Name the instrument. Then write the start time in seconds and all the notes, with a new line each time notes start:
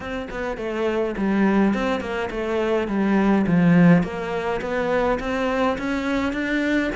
cello
0.00 C4
0.30 B3
0.57 A3
1.17 G3
1.73 C4
2.00 A#3
2.30 A3
2.87 G3
3.46 F3
4.03 A#3
4.61 B3
5.19 C4
5.78 C#4
6.33 D4